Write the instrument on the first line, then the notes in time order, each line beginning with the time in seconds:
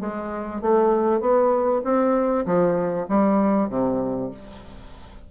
bassoon
0.00 G#3
0.61 A3
1.20 B3
1.84 C4
2.45 F3
3.08 G3
3.69 C3